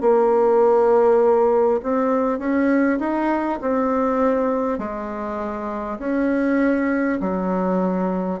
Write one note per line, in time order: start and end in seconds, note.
0.00 1.80 A#3
1.82 2.38 C4
2.38 2.98 C#4
2.99 3.59 D#4
3.61 4.78 C4
4.78 5.98 G#3
5.98 7.18 C#4
7.20 8.40 F#3